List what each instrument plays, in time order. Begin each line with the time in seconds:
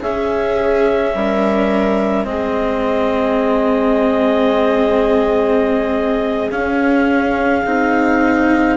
0.00 bassoon C#4, cello C#4, viola G#4, clarinet E5
1.14 bassoon G3, viola A#4
2.25 bassoon G#3, cello C4, viola G#4, clarinet D#5
6.51 cello C#4, bassoon C#4, clarinet F5
7.65 bassoon C4, cello D#4